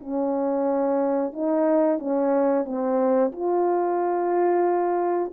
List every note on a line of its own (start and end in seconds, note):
0.00 1.33 C#4
1.33 1.99 D#4
1.99 2.65 C#4
2.65 3.32 C4
3.32 5.32 F4